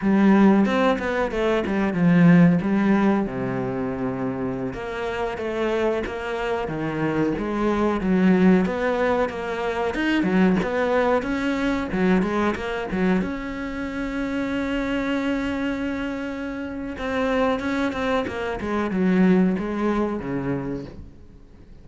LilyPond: \new Staff \with { instrumentName = "cello" } { \time 4/4 \tempo 4 = 92 g4 c'8 b8 a8 g8 f4 | g4 c2~ c16 ais8.~ | ais16 a4 ais4 dis4 gis8.~ | gis16 fis4 b4 ais4 dis'8 fis16~ |
fis16 b4 cis'4 fis8 gis8 ais8 fis16~ | fis16 cis'2.~ cis'8.~ | cis'2 c'4 cis'8 c'8 | ais8 gis8 fis4 gis4 cis4 | }